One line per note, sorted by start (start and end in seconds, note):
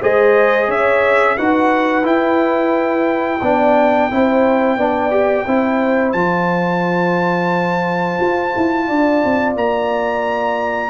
0.00 0.68 G#3
0.00 1.37 G#4
0.00 0.67 C5
0.00 0.70 D#5
0.67 1.36 C#4
0.67 1.36 C#5
0.67 1.37 E5
1.36 2.05 D#4
1.36 2.03 F#4
1.36 3.41 B4
1.36 2.05 F#5
2.03 3.39 E4
2.03 3.41 E4
2.03 6.12 G5
3.41 4.10 B3
3.41 4.11 D4
3.41 4.10 D5
4.11 4.77 C4
4.11 4.78 E4
4.11 4.77 C5
4.77 5.45 B3
4.77 5.11 D4
4.77 5.46 D5
5.11 5.45 G4
5.46 6.13 C4
5.46 6.15 E4
5.46 8.87 C5
6.12 8.18 F3
6.12 10.90 F4
6.12 9.53 A5
8.20 8.54 F4
8.56 8.89 E4
8.87 9.24 D4
8.87 10.90 D5
9.24 9.55 C4
9.55 10.90 A#3
9.55 10.90 A#5